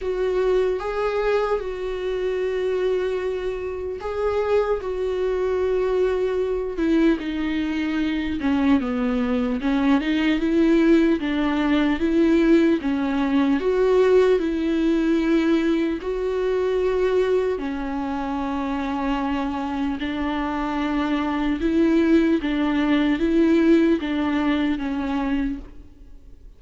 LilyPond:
\new Staff \with { instrumentName = "viola" } { \time 4/4 \tempo 4 = 75 fis'4 gis'4 fis'2~ | fis'4 gis'4 fis'2~ | fis'8 e'8 dis'4. cis'8 b4 | cis'8 dis'8 e'4 d'4 e'4 |
cis'4 fis'4 e'2 | fis'2 cis'2~ | cis'4 d'2 e'4 | d'4 e'4 d'4 cis'4 | }